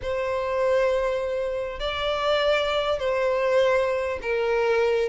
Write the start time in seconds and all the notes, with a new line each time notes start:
0.01 C5
1.79 D5
2.99 C5
4.21 A#4